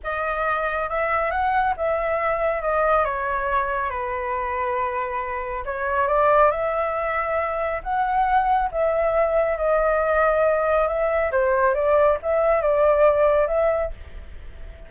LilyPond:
\new Staff \with { instrumentName = "flute" } { \time 4/4 \tempo 4 = 138 dis''2 e''4 fis''4 | e''2 dis''4 cis''4~ | cis''4 b'2.~ | b'4 cis''4 d''4 e''4~ |
e''2 fis''2 | e''2 dis''2~ | dis''4 e''4 c''4 d''4 | e''4 d''2 e''4 | }